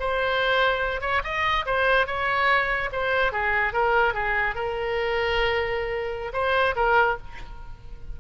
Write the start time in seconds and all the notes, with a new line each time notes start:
0.00 C5
1.02 C#5
1.24 D#5
1.66 C5
2.07 C#5
2.93 C5
3.33 G#4
3.73 A#4
4.14 G#4
4.55 A#4
6.34 C5
6.76 A#4